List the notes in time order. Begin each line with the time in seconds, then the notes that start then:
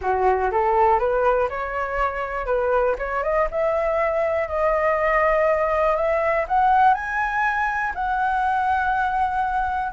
0.01 F#4
0.51 A4
0.99 B4
1.49 C#5
2.45 B4
2.98 C#5
3.23 D#5
3.50 E5
4.48 D#5
5.95 E5
6.48 F#5
6.94 G#5
7.95 F#5